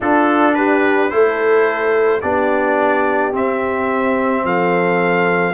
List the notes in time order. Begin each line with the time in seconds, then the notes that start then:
0.00 D4 F4 A4
0.54 G4 B4
1.09 A3 E4 A4 C5
2.21 B3 D4 G4 D5
3.32 C4 E5
4.44 F3 A4 F5